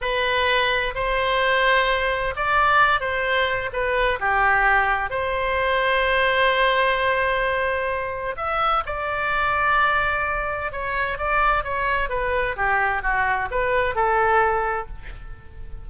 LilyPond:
\new Staff \with { instrumentName = "oboe" } { \time 4/4 \tempo 4 = 129 b'2 c''2~ | c''4 d''4. c''4. | b'4 g'2 c''4~ | c''1~ |
c''2 e''4 d''4~ | d''2. cis''4 | d''4 cis''4 b'4 g'4 | fis'4 b'4 a'2 | }